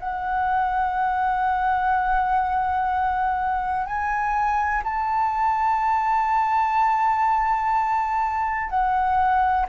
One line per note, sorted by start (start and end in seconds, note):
0.00 3.87 F#5
3.87 4.83 G#5
4.84 8.70 A5
8.70 9.67 F#5